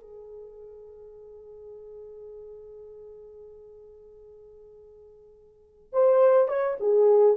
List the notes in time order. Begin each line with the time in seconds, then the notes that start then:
0.00 G#4
5.93 C5
6.48 C#5
6.80 G#4